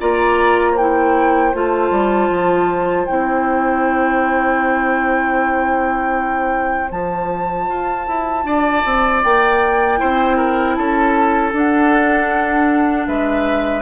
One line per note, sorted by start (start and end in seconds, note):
0.00 1.54 A#3
0.00 0.77 F4
0.00 0.72 D5
0.00 0.78 A#5
0.72 8.41 C5
0.72 1.54 G5
0.79 1.54 E4
1.54 1.91 A3
1.54 3.08 F4
1.54 3.06 A5
1.91 2.29 G3
2.30 3.07 F3
3.06 6.92 C4
3.06 6.90 E4
3.06 6.90 G5
6.90 7.68 F3
6.90 9.98 F4
6.90 9.22 A5
7.68 8.07 F4
8.07 8.45 E4
8.45 8.83 D4
8.45 10.00 D5
8.85 9.24 C4
9.24 10.01 A#3
9.24 10.75 G5
9.98 10.78 C4
9.98 11.51 E4
9.98 10.37 C5
10.37 10.76 A#4
10.75 11.53 C#4
10.75 13.08 A4
10.75 11.52 A5
11.53 13.07 D4
11.53 13.82 D4
11.53 13.07 F#5
13.07 13.82 G#3
13.07 13.82 B4
13.07 13.82 E5